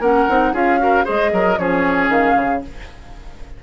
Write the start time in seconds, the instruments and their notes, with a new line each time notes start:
0.00 bassoon A#3, clarinet C#4, oboe A#4, flute F#5
0.29 bassoon C4, clarinet D#4
0.53 bassoon C#4, clarinet F4, oboe G#4, flute F5
0.79 clarinet F#4, oboe A#4
1.04 bassoon G#3, clarinet G#4, oboe C5, flute D#5
1.33 bassoon F#3, oboe A#4
1.58 bassoon F3, clarinet C#4, oboe G#4, flute C#5
2.09 bassoon D#3, flute F5
2.37 bassoon C#3